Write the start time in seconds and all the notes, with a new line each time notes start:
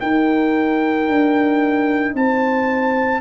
0.00 D#4 A#4 G5
1.08 D4
2.14 C4 C5 A5